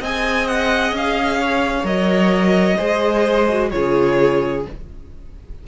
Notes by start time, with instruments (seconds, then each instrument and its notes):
0.00 cello C4, viola G#4, violin D#5 G#5
0.47 violin F#5
0.92 cello C#4, violin F5
1.39 violin C#5
1.84 cello F#3, viola A#4, violin D#5
2.77 cello G#3, viola G#4, violin C5
3.48 viola F#4
3.70 cello C#3, viola F4, violin G#4 C#5